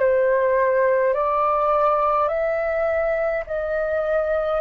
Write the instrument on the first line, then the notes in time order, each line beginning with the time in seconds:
flute
0.00 C5
1.14 D5
2.29 E5
3.47 D#5